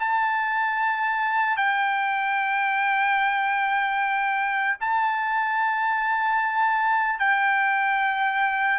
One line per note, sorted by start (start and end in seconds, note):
0.00 1.57 A5
1.57 4.77 G5
4.81 7.20 A5
7.20 8.80 G5